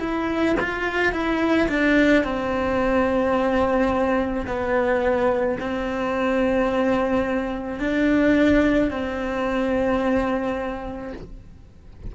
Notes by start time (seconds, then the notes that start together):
0.00 E4
0.60 F4
1.13 E4
1.69 D4
2.24 C4
4.47 B3
5.60 C4
7.80 D4
8.91 C4